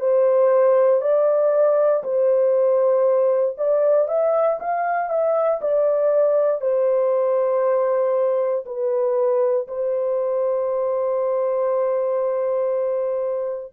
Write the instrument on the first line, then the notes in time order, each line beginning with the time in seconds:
horn
0.00 C5
1.01 D5
2.03 C5
3.58 D5
4.08 E5
4.60 F5
5.10 E5
5.61 D5
6.61 C5
8.66 B4
9.67 C5